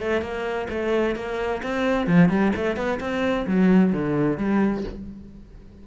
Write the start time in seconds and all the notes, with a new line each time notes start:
0.00 A3
0.22 A#3
0.70 A3
1.16 A#3
1.63 C4
2.07 F3
2.30 G3
2.56 A3
2.77 B3
3.00 C4
3.47 F#3
3.93 D3
4.38 G3